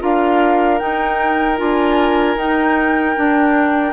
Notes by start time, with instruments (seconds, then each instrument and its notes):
0.00 bassoon D4, clarinet F4, oboe A#4, flute F5
0.79 clarinet D#4, bassoon D#4, flute G5
1.57 bassoon D4, clarinet F4, flute G#5
2.36 bassoon D#4, clarinet D#4, flute G5
3.16 clarinet D4, bassoon D4